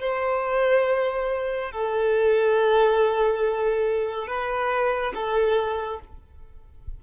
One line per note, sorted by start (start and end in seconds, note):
0.00 1.71 C5
1.71 4.27 A4
4.27 5.13 B4
5.14 6.00 A4